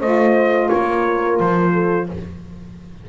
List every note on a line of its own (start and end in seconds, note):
0.00 0.70 A3
0.00 2.09 F4
0.00 0.69 C5
0.00 0.69 D#5
0.69 1.40 A#3
0.69 1.73 A#4
0.69 1.38 C#5
1.40 2.09 F3
1.40 2.09 C5
1.73 2.08 A4